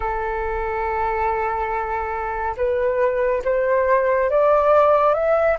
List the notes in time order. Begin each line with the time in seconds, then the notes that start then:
0.00 A4
2.56 B4
3.44 C5
4.30 D5
5.14 E5